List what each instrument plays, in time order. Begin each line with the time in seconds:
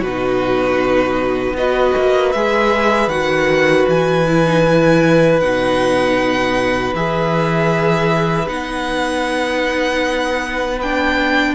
0.00 cello B2, violin F#4 B4
0.07 viola D#4
1.53 cello B3, viola F#4, violin B4 D#5
1.97 cello A#3
2.32 cello G#3, viola G#4, violin E5
3.08 cello D#3, viola F#4, violin F#5
3.88 cello E3, violin G#5
4.27 viola E4
4.46 viola D#4
4.67 viola E4
5.40 cello B2, viola D#4, violin F#5
6.93 cello E3, viola G#4, violin E5
8.46 cello B3, viola D#4, violin F#5
10.81 viola D4, violin G5